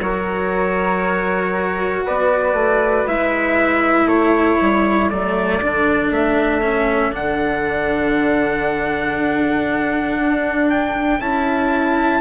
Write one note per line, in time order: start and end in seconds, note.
0.00 2.03 F#3
0.00 3.07 F#4
0.00 2.04 A#4
0.00 2.05 C#5
2.04 2.53 B3
2.04 4.07 B4
2.04 3.07 D5
2.53 3.04 A3
3.07 4.05 G#3
3.07 5.09 E4
3.07 4.07 E5
4.05 4.56 A3
4.05 12.20 A4
4.05 5.09 C#5
4.61 5.12 G3
5.09 5.62 F#3
5.09 5.60 A3
5.09 6.11 D5
5.62 6.10 D3
5.62 6.61 D4
6.10 7.11 A3
6.10 7.14 E5
6.61 7.12 C#4
7.11 10.17 D3
7.11 11.19 D4
7.11 10.70 F#5
10.19 11.19 D4
10.70 11.21 G5
11.19 12.20 C#4
11.19 12.20 E4
11.19 12.20 A5